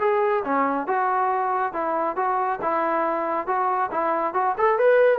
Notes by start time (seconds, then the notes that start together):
0.00 G#4
0.45 C#4
0.87 F#4
1.73 E4
2.16 F#4
2.62 E4
3.47 F#4
3.92 E4
4.34 F#4
4.58 A4
4.79 B4